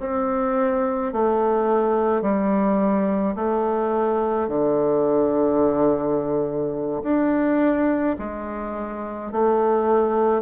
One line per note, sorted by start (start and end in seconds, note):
0.00 1.13 C4
1.13 2.22 A3
2.22 3.36 G3
3.36 4.48 A3
4.48 7.03 D3
7.03 8.17 D4
8.19 9.32 G#3
9.32 10.43 A3